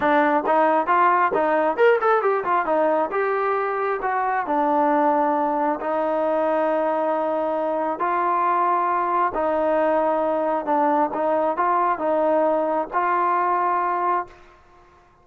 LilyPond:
\new Staff \with { instrumentName = "trombone" } { \time 4/4 \tempo 4 = 135 d'4 dis'4 f'4 dis'4 | ais'8 a'8 g'8 f'8 dis'4 g'4~ | g'4 fis'4 d'2~ | d'4 dis'2.~ |
dis'2 f'2~ | f'4 dis'2. | d'4 dis'4 f'4 dis'4~ | dis'4 f'2. | }